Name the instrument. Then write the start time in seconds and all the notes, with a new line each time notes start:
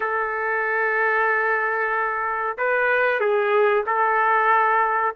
trumpet
0.00 A4
2.57 B4
3.19 G#4
3.86 A4